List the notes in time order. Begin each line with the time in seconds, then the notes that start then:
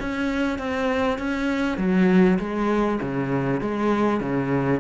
0.00 C#4
0.58 C4
1.18 C#4
1.78 F#3
2.39 G#3
3.01 C#3
3.61 G#3
4.21 C#3